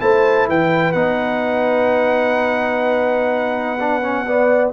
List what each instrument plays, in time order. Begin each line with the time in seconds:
0.00 tuba A3, trombone E4, horn C5, trumpet A5
0.49 tuba E3, horn B4, trumpet G5
0.92 tuba B3, trombone D#4, trumpet F#5
3.80 trombone D4
4.02 trombone C#4
4.27 trombone B3, horn D5